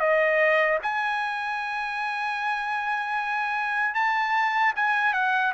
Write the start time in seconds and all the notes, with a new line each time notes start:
0.00 D#5
0.83 G#5
3.95 A5
4.76 G#5
5.14 F#5